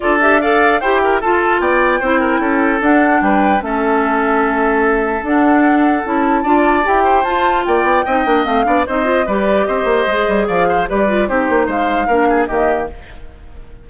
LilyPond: <<
  \new Staff \with { instrumentName = "flute" } { \time 4/4 \tempo 4 = 149 d''8 e''8 f''4 g''4 a''4 | g''2. fis''4 | g''4 e''2.~ | e''4 fis''2 a''4~ |
a''4 g''4 a''4 g''4~ | g''4 f''4 dis''4 d''4 | dis''2 f''4 d''4 | c''4 f''2 dis''4 | }
  \new Staff \with { instrumentName = "oboe" } { \time 4/4 a'4 d''4 c''8 ais'8 a'4 | d''4 c''8 ais'8 a'2 | b'4 a'2.~ | a'1 |
d''4. c''4. d''4 | dis''4. d''8 c''4 b'4 | c''2 d''8 c''8 b'4 | g'4 c''4 ais'8 gis'8 g'4 | }
  \new Staff \with { instrumentName = "clarinet" } { \time 4/4 f'8 g'8 a'4 g'4 f'4~ | f'4 e'2 d'4~ | d'4 cis'2.~ | cis'4 d'2 e'4 |
f'4 g'4 f'2 | dis'8 d'8 c'8 d'8 dis'8 f'8 g'4~ | g'4 gis'2 g'8 f'8 | dis'2 d'4 ais4 | }
  \new Staff \with { instrumentName = "bassoon" } { \time 4/4 d'2 e'4 f'4 | b4 c'4 cis'4 d'4 | g4 a2.~ | a4 d'2 cis'4 |
d'4 e'4 f'4 ais8 b8 | c'8 ais8 a8 b8 c'4 g4 | c'8 ais8 gis8 g8 f4 g4 | c'8 ais8 gis4 ais4 dis4 | }
>>